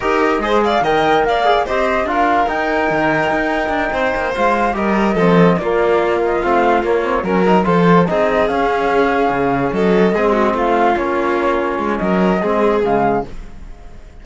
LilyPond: <<
  \new Staff \with { instrumentName = "flute" } { \time 4/4 \tempo 4 = 145 dis''4. f''8 g''4 f''4 | dis''4 f''4 g''2~ | g''2~ g''8 f''4 dis''8~ | dis''4. d''4. dis''8 f''8~ |
f''8 cis''4 ais'4 c''4 dis''8~ | dis''8 f''2. dis''8~ | dis''4. f''4 cis''4.~ | cis''4 dis''2 f''4 | }
  \new Staff \with { instrumentName = "violin" } { \time 4/4 ais'4 c''8 d''8 dis''4 d''4 | c''4 ais'2.~ | ais'4. c''2 ais'8~ | ais'8 a'4 f'2~ f'8~ |
f'4. ais'4 a'4 gis'8~ | gis'2.~ gis'8 a'8~ | a'8 gis'8 fis'8 f'2~ f'8~ | f'4 ais'4 gis'2 | }
  \new Staff \with { instrumentName = "trombone" } { \time 4/4 g'4 gis'4 ais'4. gis'8 | g'4 f'4 dis'2~ | dis'2~ dis'8 f'4 g'8~ | g'8 c'4 ais2 c'8~ |
c'8 ais8 c'8 cis'8 dis'8 f'4 dis'8~ | dis'8 cis'2.~ cis'8~ | cis'8 c'2 cis'4.~ | cis'2 c'4 gis4 | }
  \new Staff \with { instrumentName = "cello" } { \time 4/4 dis'4 gis4 dis4 ais4 | c'4 d'4 dis'4 dis4 | dis'4 d'8 c'8 ais8 gis4 g8~ | g8 f4 ais2 a8~ |
a8 ais4 fis4 f4 c'8~ | c'8 cis'2 cis4 fis8~ | fis8 gis4 a4 ais4.~ | ais8 gis8 fis4 gis4 cis4 | }
>>